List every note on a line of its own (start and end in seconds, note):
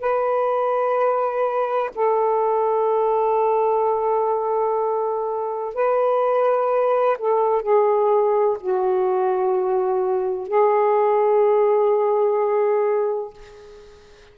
0.00 1.90 B4
1.95 5.74 A4
5.74 7.17 B4
7.19 7.62 A4
7.62 8.57 G#4
8.60 10.48 F#4
10.48 13.34 G#4